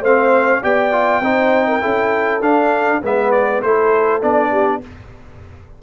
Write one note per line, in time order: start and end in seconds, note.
0.00 0.60 A3
0.00 0.63 C4
0.00 0.61 C5
0.00 0.64 F5
0.63 1.21 B3
0.63 0.92 G4
0.63 1.23 D5
0.63 2.42 G5
0.92 1.22 F4
1.21 1.81 C4
1.21 1.81 D#4
1.21 1.67 C5
1.67 1.82 A#4
1.81 2.41 C#4
1.81 2.41 E4
1.81 3.02 A4
2.41 3.01 D4
2.41 3.02 D4
2.41 3.02 F5
3.03 3.63 G#3
3.03 3.64 B3
3.03 3.62 B4
3.03 3.31 E5
3.31 3.62 D5
3.62 4.22 A3
3.62 4.21 E4
3.62 4.51 A4
3.62 4.22 C5
4.21 4.83 B3
4.21 4.81 D4
4.21 4.82 D5
4.51 4.81 G4